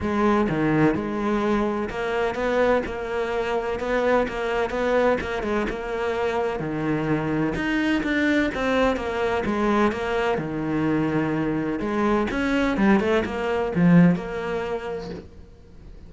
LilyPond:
\new Staff \with { instrumentName = "cello" } { \time 4/4 \tempo 4 = 127 gis4 dis4 gis2 | ais4 b4 ais2 | b4 ais4 b4 ais8 gis8 | ais2 dis2 |
dis'4 d'4 c'4 ais4 | gis4 ais4 dis2~ | dis4 gis4 cis'4 g8 a8 | ais4 f4 ais2 | }